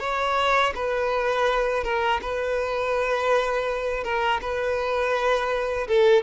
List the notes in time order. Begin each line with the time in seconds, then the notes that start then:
0.00 C#5
0.75 B4
1.84 A#4
2.22 B4
4.04 A#4
4.41 B4
5.88 A4